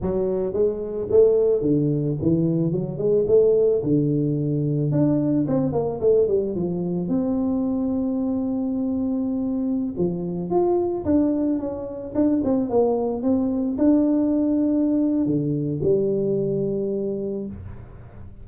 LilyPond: \new Staff \with { instrumentName = "tuba" } { \time 4/4 \tempo 4 = 110 fis4 gis4 a4 d4 | e4 fis8 gis8 a4 d4~ | d4 d'4 c'8 ais8 a8 g8 | f4 c'2.~ |
c'2~ c'16 f4 f'8.~ | f'16 d'4 cis'4 d'8 c'8 ais8.~ | ais16 c'4 d'2~ d'8. | d4 g2. | }